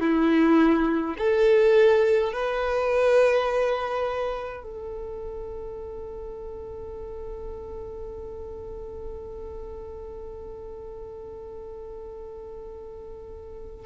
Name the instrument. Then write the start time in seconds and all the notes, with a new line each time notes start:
violin
0.00 E4
1.17 A4
2.32 B4
4.63 A4